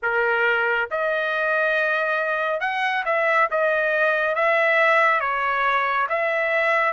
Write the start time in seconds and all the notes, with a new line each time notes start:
0.02 A#4
0.90 D#5
2.60 F#5
3.05 E5
3.51 D#5
4.35 E5
5.20 C#5
6.09 E5